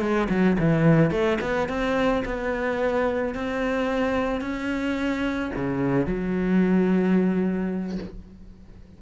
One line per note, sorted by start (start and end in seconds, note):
0.00 0.28 G#3
0.29 0.57 F#3
0.59 1.10 E3
1.10 1.38 A3
1.40 1.68 B3
1.68 2.23 C4
2.25 3.34 B3
3.34 4.41 C4
4.41 5.51 C#4
5.55 6.06 C#3
6.06 7.98 F#3